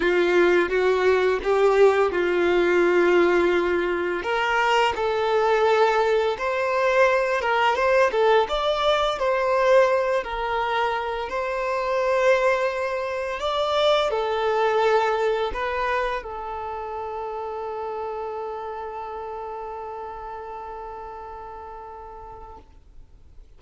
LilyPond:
\new Staff \with { instrumentName = "violin" } { \time 4/4 \tempo 4 = 85 f'4 fis'4 g'4 f'4~ | f'2 ais'4 a'4~ | a'4 c''4. ais'8 c''8 a'8 | d''4 c''4. ais'4. |
c''2. d''4 | a'2 b'4 a'4~ | a'1~ | a'1 | }